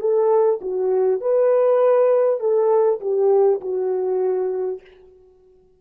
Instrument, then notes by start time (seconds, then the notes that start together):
horn
0.00 A4
0.61 F#4
1.21 B4
2.40 A4
3.01 G4
3.61 F#4